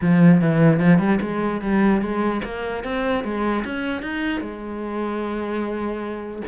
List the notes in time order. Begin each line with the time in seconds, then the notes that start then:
0.01 F3
0.41 E3
0.79 F3
0.99 G3
1.21 G#3
1.61 G3
2.01 G#3
2.44 A#3
2.83 C4
3.23 G#3
3.64 C#4
4.02 D#4
4.40 G#3